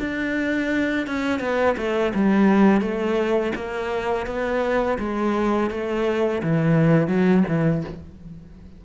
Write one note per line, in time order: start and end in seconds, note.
0.00 1.07 D4
1.07 1.40 C#4
1.40 1.76 B3
1.78 2.13 A3
2.15 2.81 G3
2.81 3.53 A3
3.56 4.27 A#3
4.27 4.98 B3
4.99 5.71 G#3
5.71 6.42 A3
6.43 7.08 E3
7.08 7.44 F#3
7.48 7.84 E3